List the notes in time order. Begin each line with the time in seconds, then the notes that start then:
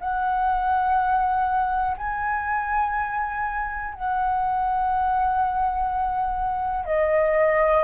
0.00 F#5
1.97 G#5
3.94 F#5
6.86 D#5